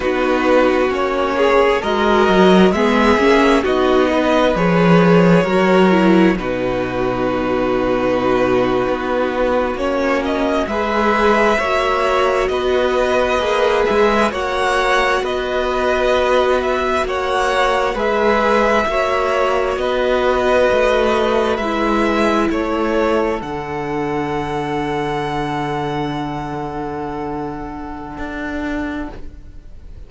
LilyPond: <<
  \new Staff \with { instrumentName = "violin" } { \time 4/4 \tempo 4 = 66 b'4 cis''4 dis''4 e''4 | dis''4 cis''2 b'4~ | b'2~ b'8. cis''8 dis''8 e''16~ | e''4.~ e''16 dis''4. e''8 fis''16~ |
fis''8. dis''4. e''8 fis''4 e''16~ | e''4.~ e''16 dis''2 e''16~ | e''8. cis''4 fis''2~ fis''16~ | fis''1 | }
  \new Staff \with { instrumentName = "violin" } { \time 4/4 fis'4. gis'8 ais'4 gis'4 | fis'8 b'4. ais'4 fis'4~ | fis'2.~ fis'8. b'16~ | b'8. cis''4 b'2 cis''16~ |
cis''8. b'2 cis''4 b'16~ | b'8. cis''4 b'2~ b'16~ | b'8. a'2.~ a'16~ | a'1 | }
  \new Staff \with { instrumentName = "viola" } { \time 4/4 dis'4 cis'4 fis'4 b8 cis'8 | dis'4 gis'4 fis'8 e'8 dis'4~ | dis'2~ dis'8. cis'4 gis'16~ | gis'8. fis'2 gis'4 fis'16~ |
fis'2.~ fis'8. gis'16~ | gis'8. fis'2. e'16~ | e'4.~ e'16 d'2~ d'16~ | d'1 | }
  \new Staff \with { instrumentName = "cello" } { \time 4/4 b4 ais4 gis8 fis8 gis8 ais8 | b4 f4 fis4 b,4~ | b,4.~ b,16 b4 ais4 gis16~ | gis8. ais4 b4 ais8 gis8 ais16~ |
ais8. b2 ais4 gis16~ | gis8. ais4 b4 a4 gis16~ | gis8. a4 d2~ d16~ | d2. d'4 | }
>>